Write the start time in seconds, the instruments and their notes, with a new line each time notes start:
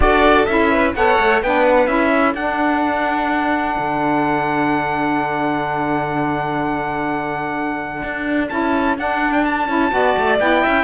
0.00 cello D4, saxophone F#4, violin A4, trumpet D5
0.45 cello C#4, saxophone E4, trumpet E5
0.71 violin B4
0.95 cello B3, saxophone A4, violin C#5, trumpet F#5
1.19 cello A3
1.42 cello B3, saxophone D4, violin B4, trumpet G5
1.66 trumpet F#5
1.87 cello C#4, saxophone E4, trumpet E5
2.11 violin A4
2.34 cello D4, saxophone D4, trumpet F#5
3.78 cello D3
8.02 cello D4
8.48 cello C#4, saxophone E4, trumpet A5
8.97 cello D4, saxophone D4, trumpet F#5
9.32 trumpet G5
9.44 trumpet A5
9.68 cello C#4, saxophone E4
9.89 cello B3, saxophone F#4, violin D5
10.17 cello A3
10.39 cello B3, saxophone E4, trumpet G5
10.63 cello C#4, violin E5